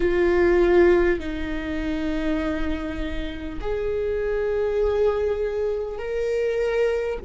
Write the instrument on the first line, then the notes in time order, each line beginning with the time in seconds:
viola
0.00 F4
1.19 D#4
3.60 G#4
5.98 A#4